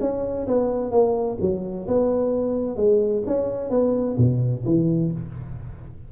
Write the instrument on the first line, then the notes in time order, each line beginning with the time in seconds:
tuba
0.00 C#4
0.47 B3
0.91 A#3
1.40 F#3
1.87 B3
2.76 G#3
3.26 C#4
3.70 B3
4.17 B2
4.65 E3